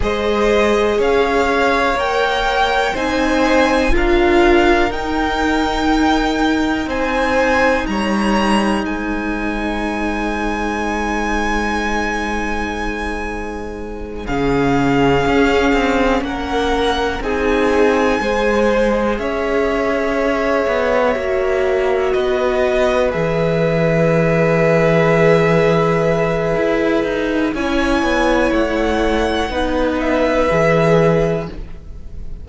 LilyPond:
<<
  \new Staff \with { instrumentName = "violin" } { \time 4/4 \tempo 4 = 61 dis''4 f''4 g''4 gis''4 | f''4 g''2 gis''4 | ais''4 gis''2.~ | gis''2~ gis''8 f''4.~ |
f''8 fis''4 gis''2 e''8~ | e''2~ e''8 dis''4 e''8~ | e''1 | gis''4 fis''4. e''4. | }
  \new Staff \with { instrumentName = "violin" } { \time 4/4 c''4 cis''2 c''4 | ais'2. c''4 | cis''4 c''2.~ | c''2~ c''8 gis'4.~ |
gis'8 ais'4 gis'4 c''4 cis''8~ | cis''2~ cis''8 b'4.~ | b'1 | cis''2 b'2 | }
  \new Staff \with { instrumentName = "viola" } { \time 4/4 gis'2 ais'4 dis'4 | f'4 dis'2.~ | dis'1~ | dis'2~ dis'8 cis'4.~ |
cis'4. dis'4 gis'4.~ | gis'4. fis'2 gis'8~ | gis'1 | e'2 dis'4 gis'4 | }
  \new Staff \with { instrumentName = "cello" } { \time 4/4 gis4 cis'4 ais4 c'4 | d'4 dis'2 c'4 | g4 gis2.~ | gis2~ gis8 cis4 cis'8 |
c'8 ais4 c'4 gis4 cis'8~ | cis'4 b8 ais4 b4 e8~ | e2. e'8 dis'8 | cis'8 b8 a4 b4 e4 | }
>>